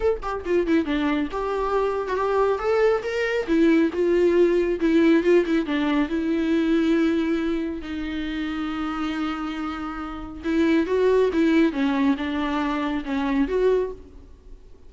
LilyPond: \new Staff \with { instrumentName = "viola" } { \time 4/4 \tempo 4 = 138 a'8 g'8 f'8 e'8 d'4 g'4~ | g'8. fis'16 g'4 a'4 ais'4 | e'4 f'2 e'4 | f'8 e'8 d'4 e'2~ |
e'2 dis'2~ | dis'1 | e'4 fis'4 e'4 cis'4 | d'2 cis'4 fis'4 | }